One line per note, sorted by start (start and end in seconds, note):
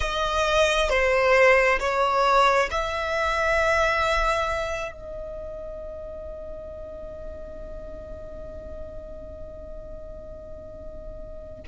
0.00 0.90 D#5
0.90 1.79 C5
1.79 2.69 C#5
2.70 4.92 E5
4.92 11.63 D#5